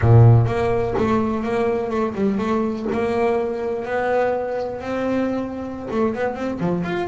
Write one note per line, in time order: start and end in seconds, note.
0.01 0.46 A#2
0.46 0.94 A#3
0.97 1.43 A3
1.43 1.90 A#3
1.90 2.14 A3
2.14 2.38 G3
2.38 2.86 A3
2.92 3.85 A#3
3.85 4.80 B3
4.80 5.88 C4
5.91 6.14 A3
6.14 6.34 B3
6.34 6.58 C4
6.60 6.84 F3
6.84 7.08 F4